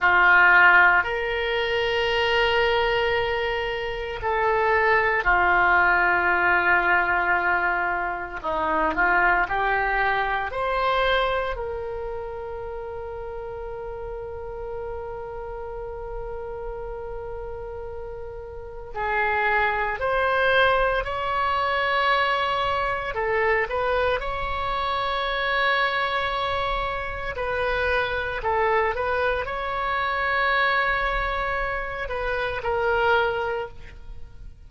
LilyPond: \new Staff \with { instrumentName = "oboe" } { \time 4/4 \tempo 4 = 57 f'4 ais'2. | a'4 f'2. | dis'8 f'8 g'4 c''4 ais'4~ | ais'1~ |
ais'2 gis'4 c''4 | cis''2 a'8 b'8 cis''4~ | cis''2 b'4 a'8 b'8 | cis''2~ cis''8 b'8 ais'4 | }